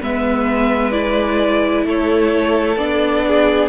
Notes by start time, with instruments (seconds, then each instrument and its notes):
0.00 cello G#3, viola B3, violin B4 E5
0.91 viola E4, violin D5
1.85 cello A3, violin A4 C#5
2.76 cello B3, viola D4, violin D5
3.27 violin G#4